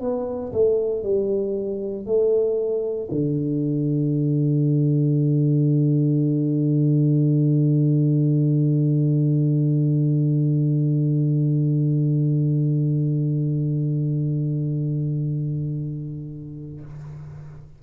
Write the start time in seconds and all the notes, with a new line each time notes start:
0.00 B3
0.52 A3
1.03 G3
2.05 A3
3.11 D3